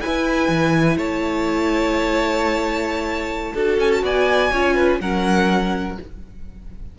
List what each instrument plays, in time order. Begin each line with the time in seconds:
0.00 viola E4, cello E4, violin B4 G#5
0.48 cello E3
0.96 cello A3, violin C#5 A5
3.54 cello D4, viola F#4, violin A4
3.78 cello C#4, violin G#5
3.91 violin A5
4.02 cello B3, violin D5 G#5
4.51 cello C#4, viola F4, violin C#5
4.74 violin B4
5.00 cello F#3, viola C#4, violin A#4 F#5